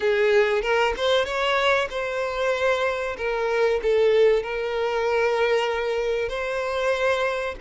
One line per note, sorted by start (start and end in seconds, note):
0.00 0.61 G#4
0.61 0.93 A#4
0.96 1.25 C5
1.25 1.88 C#5
1.90 3.16 C5
3.17 3.80 A#4
3.82 4.42 A4
4.42 6.28 A#4
6.28 7.55 C5